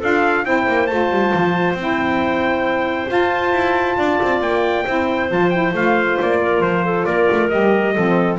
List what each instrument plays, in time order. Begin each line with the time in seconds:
0.00 double bass D4, saxophone F4, clarinet A4, trumpet F5
0.44 double bass C4, saxophone E4, clarinet C5, trumpet G5
0.68 double bass A#3
0.87 double bass A3, saxophone F4, trumpet A5
1.11 double bass G3
1.34 double bass F3
1.74 double bass C4, saxophone E4
1.83 trumpet G5
3.08 saxophone F4, double bass F4, trumpet A5
3.53 double bass E4
3.98 double bass D4, clarinet D5
4.23 double bass C4
4.41 double bass A#3, trumpet G5
4.85 double bass C4, saxophone E4, clarinet C5
5.30 double bass F3, saxophone F4, trumpet A5
5.50 saxophone E4, trumpet G5
5.74 double bass A3, saxophone F4, trumpet F5
6.21 double bass A#3, trumpet D5
6.42 clarinet A#4
6.61 double bass F3, trumpet C5
6.85 clarinet A4
7.05 double bass A#3, clarinet A#4, trumpet D5
7.32 double bass A3
7.49 double bass G3, saxophone G4, trumpet D#5
7.94 double bass F3, saxophone C4, clarinet A4